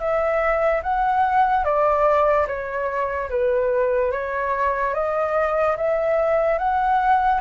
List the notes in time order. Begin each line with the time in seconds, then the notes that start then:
0.00 E5
0.83 F#5
1.65 D5
2.47 C#5
3.30 B4
4.12 C#5
4.95 D#5
5.77 E5
6.59 F#5